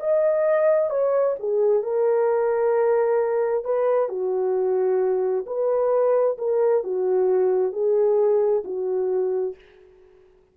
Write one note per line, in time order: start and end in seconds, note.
0.00 0.90 D#5
0.90 1.36 C#5
1.39 1.83 G#4
1.83 3.64 A#4
3.64 4.09 B4
4.09 5.45 F#4
5.46 6.37 B4
6.38 6.83 A#4
6.83 7.72 F#4
7.72 8.63 G#4
8.64 9.55 F#4